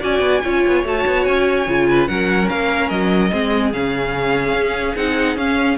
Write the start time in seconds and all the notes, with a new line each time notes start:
0.00 C#4 F#4 D5 G#5
0.20 B3
0.43 C#4 F4 C#5
0.67 B3
0.84 A3 F#4 A5
1.06 B3
1.25 C#4 G#5
1.67 C#3 F4
1.89 B4
2.07 F#3 C#4 A#4 F#5
2.49 A#3 F5
2.89 F#3 D#5
3.31 G#3 C4 G#4
3.73 C#3 C#4 F5
4.53 C#4
4.95 C4 D#4 F#5
5.36 C#4 F5